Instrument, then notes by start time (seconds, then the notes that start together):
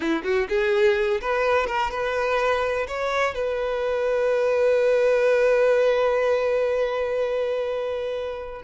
violin
0.00 E4
0.23 F#4
0.48 G#4
1.21 B4
1.66 A#4
1.90 B4
2.87 C#5
3.34 B4